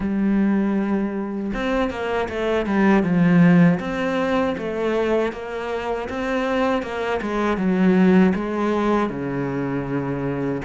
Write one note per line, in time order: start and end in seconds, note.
0.00 1.52 G3
1.53 1.90 C4
1.90 2.28 A#3
2.29 2.66 A3
2.66 3.03 G3
3.03 3.79 F3
3.79 4.55 C4
4.57 5.32 A3
5.32 6.08 A#3
6.09 6.82 C4
6.82 7.20 A#3
7.21 7.57 G#3
7.57 8.33 F#3
8.34 9.09 G#3
9.09 10.61 C#3